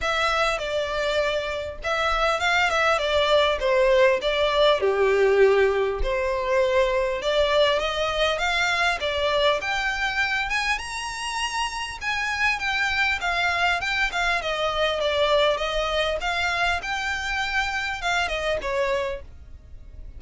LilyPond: \new Staff \with { instrumentName = "violin" } { \time 4/4 \tempo 4 = 100 e''4 d''2 e''4 | f''8 e''8 d''4 c''4 d''4 | g'2 c''2 | d''4 dis''4 f''4 d''4 |
g''4. gis''8 ais''2 | gis''4 g''4 f''4 g''8 f''8 | dis''4 d''4 dis''4 f''4 | g''2 f''8 dis''8 cis''4 | }